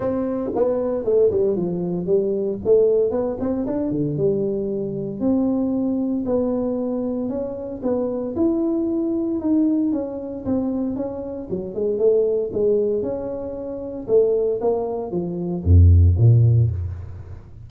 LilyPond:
\new Staff \with { instrumentName = "tuba" } { \time 4/4 \tempo 4 = 115 c'4 b4 a8 g8 f4 | g4 a4 b8 c'8 d'8 d8 | g2 c'2 | b2 cis'4 b4 |
e'2 dis'4 cis'4 | c'4 cis'4 fis8 gis8 a4 | gis4 cis'2 a4 | ais4 f4 f,4 ais,4 | }